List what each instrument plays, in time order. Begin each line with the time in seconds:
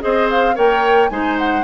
0.00 bassoon C4, clarinet G#4, oboe C5, flute D#5
0.31 flute F5
0.55 bassoon A#3, clarinet A#4, oboe C#5, flute G5
1.10 bassoon G#3, clarinet D#4, oboe C5, flute G#5
1.39 flute F#5